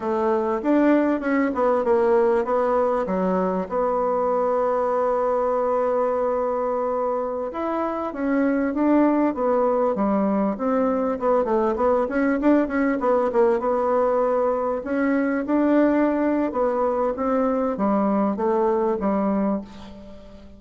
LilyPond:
\new Staff \with { instrumentName = "bassoon" } { \time 4/4 \tempo 4 = 98 a4 d'4 cis'8 b8 ais4 | b4 fis4 b2~ | b1~ | b16 e'4 cis'4 d'4 b8.~ |
b16 g4 c'4 b8 a8 b8 cis'16~ | cis'16 d'8 cis'8 b8 ais8 b4.~ b16~ | b16 cis'4 d'4.~ d'16 b4 | c'4 g4 a4 g4 | }